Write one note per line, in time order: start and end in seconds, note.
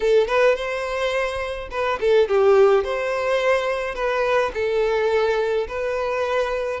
0.00 0.27 A4
0.27 0.55 B4
0.55 1.69 C5
1.70 1.99 B4
2.00 2.28 A4
2.28 2.84 G4
2.84 3.95 C5
3.95 4.51 B4
4.54 5.67 A4
5.68 6.80 B4